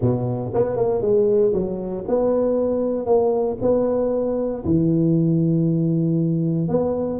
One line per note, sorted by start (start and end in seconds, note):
0.01 0.52 B2
0.53 0.76 B3
0.76 1.01 A#3
1.01 1.52 G#3
1.53 2.04 F#3
2.07 3.05 B3
3.05 3.57 A#3
3.61 4.64 B3
4.64 6.68 E3
6.68 7.19 B3